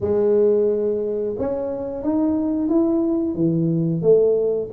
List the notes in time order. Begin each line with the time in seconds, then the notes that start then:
0.00 G#3
1.38 C#4
2.03 D#4
2.68 E4
3.35 E3
4.01 A3